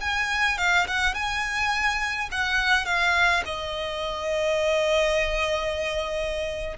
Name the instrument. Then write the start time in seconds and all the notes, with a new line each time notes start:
violin
0.00 G#5
0.57 F5
0.87 F#5
1.14 G#5
2.31 F#5
2.85 F5
3.45 D#5